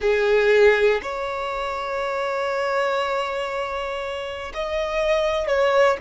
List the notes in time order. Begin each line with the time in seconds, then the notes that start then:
0.00 G#4
1.02 C#5
4.54 D#5
5.47 C#5